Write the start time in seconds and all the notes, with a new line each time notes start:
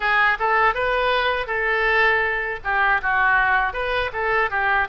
0.00 G#4
0.39 A4
0.74 B4
1.47 A4
2.64 G4
3.02 F#4
3.73 B4
4.12 A4
4.50 G4